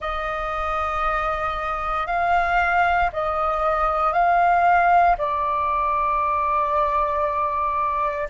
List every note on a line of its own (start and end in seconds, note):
0.00 2.06 D#5
2.06 3.10 F5
3.12 4.12 D#5
4.12 5.16 F5
5.18 8.28 D5